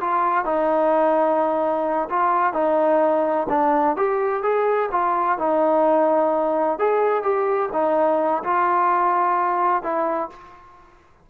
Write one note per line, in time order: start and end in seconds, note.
0.00 0.45 F4
0.45 2.09 D#4
2.09 2.53 F4
2.53 3.47 D#4
3.49 3.96 D4
3.96 4.42 G4
4.42 4.89 G#4
4.92 5.38 F4
5.38 6.79 D#4
6.79 7.23 G#4
7.23 7.69 G4
7.73 8.43 D#4
8.44 9.82 F4
9.82 10.29 E4